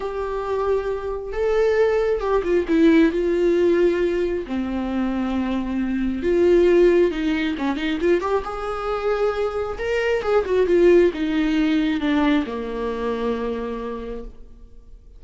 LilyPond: \new Staff \with { instrumentName = "viola" } { \time 4/4 \tempo 4 = 135 g'2. a'4~ | a'4 g'8 f'8 e'4 f'4~ | f'2 c'2~ | c'2 f'2 |
dis'4 cis'8 dis'8 f'8 g'8 gis'4~ | gis'2 ais'4 gis'8 fis'8 | f'4 dis'2 d'4 | ais1 | }